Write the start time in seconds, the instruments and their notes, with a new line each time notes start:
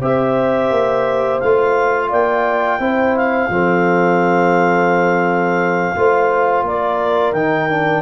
0.00 tuba C4, trombone G4, horn C5, clarinet E5
0.71 tuba A#3
1.40 tuba A3, trombone F4, clarinet F5
2.10 tuba A#3, horn D5, clarinet G5
2.79 tuba C4, trombone E4, horn C5
3.17 clarinet F5
3.49 tuba F3, trombone C4, horn A4
5.96 tuba A3, trombone F4, horn C5
6.63 tuba A#3, horn A#4, clarinet D5
7.33 tuba D#3, trombone D#4, clarinet G5
7.70 trombone D4